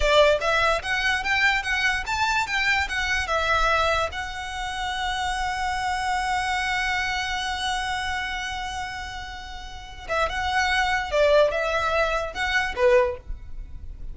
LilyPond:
\new Staff \with { instrumentName = "violin" } { \time 4/4 \tempo 4 = 146 d''4 e''4 fis''4 g''4 | fis''4 a''4 g''4 fis''4 | e''2 fis''2~ | fis''1~ |
fis''1~ | fis''1~ | fis''8 e''8 fis''2 d''4 | e''2 fis''4 b'4 | }